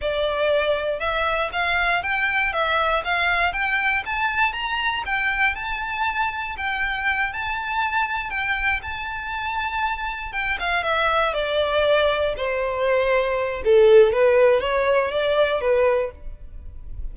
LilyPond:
\new Staff \with { instrumentName = "violin" } { \time 4/4 \tempo 4 = 119 d''2 e''4 f''4 | g''4 e''4 f''4 g''4 | a''4 ais''4 g''4 a''4~ | a''4 g''4. a''4.~ |
a''8 g''4 a''2~ a''8~ | a''8 g''8 f''8 e''4 d''4.~ | d''8 c''2~ c''8 a'4 | b'4 cis''4 d''4 b'4 | }